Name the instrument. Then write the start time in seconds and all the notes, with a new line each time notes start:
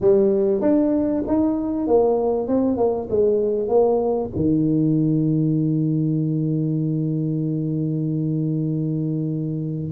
tuba
0.00 G3
0.61 D4
1.27 D#4
1.87 A#3
2.47 C4
2.77 A#3
3.09 G#3
3.68 A#3
4.35 D#3